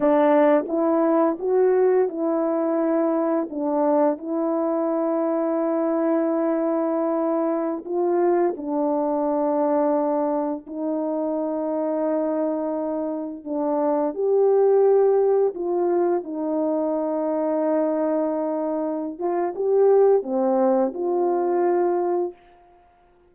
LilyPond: \new Staff \with { instrumentName = "horn" } { \time 4/4 \tempo 4 = 86 d'4 e'4 fis'4 e'4~ | e'4 d'4 e'2~ | e'2.~ e'16 f'8.~ | f'16 d'2. dis'8.~ |
dis'2.~ dis'16 d'8.~ | d'16 g'2 f'4 dis'8.~ | dis'2.~ dis'8 f'8 | g'4 c'4 f'2 | }